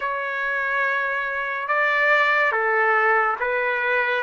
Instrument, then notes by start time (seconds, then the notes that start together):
trumpet
0.00 C#5
1.68 D5
2.52 A4
3.40 B4